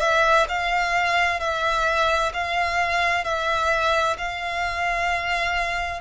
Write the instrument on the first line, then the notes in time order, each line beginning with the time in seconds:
violin
0.00 E5
0.49 F5
1.40 E5
2.33 F5
3.24 E5
4.18 F5